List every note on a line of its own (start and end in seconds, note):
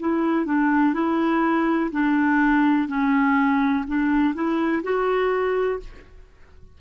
0.00 0.46 E4
0.46 0.94 D4
0.94 1.90 E4
1.92 2.88 D4
2.88 3.85 C#4
3.87 4.34 D4
4.34 4.83 E4
4.83 5.80 F#4